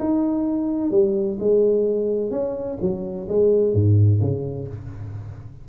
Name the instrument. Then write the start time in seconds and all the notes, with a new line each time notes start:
tuba
0.00 D#4
0.91 G3
1.40 G#3
2.31 C#4
2.82 F#3
3.29 G#3
3.74 G#2
4.21 C#3